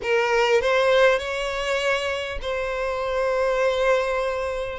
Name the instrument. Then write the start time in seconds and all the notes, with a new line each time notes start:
violin
0.02 A#4
0.61 C5
1.18 C#5
2.41 C5